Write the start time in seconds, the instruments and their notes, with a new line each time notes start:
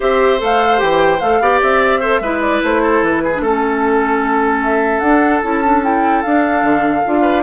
0.00 bassoon C4, clarinet G4, oboe C5, flute E5
0.38 bassoon A3, clarinet A4, flute F5
0.77 bassoon E3, clarinet G4, flute G5
1.20 bassoon A3, clarinet A4, flute F5
1.40 bassoon B3, clarinet G4, oboe D5
1.62 bassoon C4, flute E5
1.99 clarinet A4, oboe C5
2.20 bassoon G#3, clarinet E4, oboe B4
2.41 flute D5
2.62 bassoon A3, flute C5
2.82 oboe A4
3.02 bassoon E3, flute B4
3.23 oboe G#4
3.34 bassoon A3, clarinet D4
3.41 clarinet C#4, oboe A4, flute A4
4.63 flute E5
4.99 bassoon D4, flute F#5
5.05 clarinet D4
5.41 bassoon C#4, clarinet E4, flute A5
5.64 clarinet D4
5.83 clarinet E4, flute G5
6.22 bassoon D4, clarinet D4, flute F5
6.62 bassoon D3
7.04 bassoon D4, clarinet F4
7.21 oboe B4